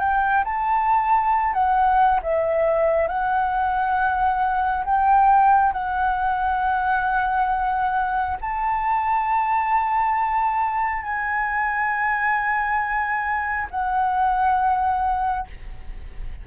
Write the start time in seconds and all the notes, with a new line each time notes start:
0.00 G5
0.45 A5
1.54 F#5
2.23 E5
3.08 F#5
4.85 G5
5.73 F#5
8.41 A5
11.03 G#5
13.71 F#5